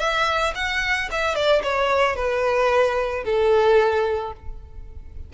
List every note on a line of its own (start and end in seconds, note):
0.00 0.54 E5
0.56 1.10 F#5
1.12 1.36 E5
1.36 1.63 D5
1.64 2.16 C#5
2.16 3.25 B4
3.25 4.33 A4